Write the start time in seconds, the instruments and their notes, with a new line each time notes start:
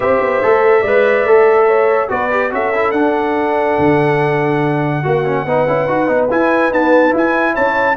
0.00 tuba C4, trombone G4, horn C5, trumpet E5
0.20 tuba B3
0.42 tuba A3, trombone A4
0.81 tuba G#3, trombone B4, horn D5
1.24 tuba A3, trombone A4
1.67 horn C#5
2.08 tuba B3, trombone F#4, horn B4, trumpet D5
2.30 trombone G4
2.51 tuba C#4, trombone F#4, horn A4, trumpet E5
2.74 trombone E4
2.91 tuba D4, trombone D4, trumpet F#5
3.78 tuba D3
5.02 tuba A#3, horn F#4, trombone F#4
5.25 trombone C#4
5.45 tuba B3, trombone D#4, horn B4
5.67 tuba C#4, trombone E4
5.88 tuba D#4, trombone F#4
6.07 tuba B3, trombone D#4
6.30 trombone E4, tuba E4, trumpet G#5
6.70 trombone B3, tuba D#4, trumpet A5
7.10 trombone E4, tuba E4
7.17 trumpet G#5
7.53 tuba C#4, horn C#5, trumpet A5